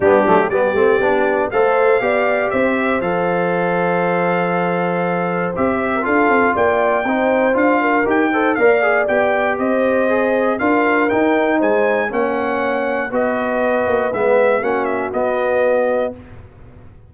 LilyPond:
<<
  \new Staff \with { instrumentName = "trumpet" } { \time 4/4 \tempo 4 = 119 g'4 d''2 f''4~ | f''4 e''4 f''2~ | f''2. e''4 | f''4 g''2 f''4 |
g''4 f''4 g''4 dis''4~ | dis''4 f''4 g''4 gis''4 | fis''2 dis''2 | e''4 fis''8 e''8 dis''2 | }
  \new Staff \with { instrumentName = "horn" } { \time 4/4 d'4 g'2 c''4 | d''4 c''2.~ | c''2.~ c''8. ais'16 | a'4 d''4 c''4. ais'8~ |
ais'8 c''8 d''2 c''4~ | c''4 ais'2 c''4 | cis''2 b'2~ | b'4 fis'2. | }
  \new Staff \with { instrumentName = "trombone" } { \time 4/4 b8 a8 b8 c'8 d'4 a'4 | g'2 a'2~ | a'2. g'4 | f'2 dis'4 f'4 |
g'8 a'8 ais'8 gis'8 g'2 | gis'4 f'4 dis'2 | cis'2 fis'2 | b4 cis'4 b2 | }
  \new Staff \with { instrumentName = "tuba" } { \time 4/4 g8 fis8 g8 a8 b4 a4 | b4 c'4 f2~ | f2. c'4 | d'8 c'8 ais4 c'4 d'4 |
dis'4 ais4 b4 c'4~ | c'4 d'4 dis'4 gis4 | ais2 b4. ais8 | gis4 ais4 b2 | }
>>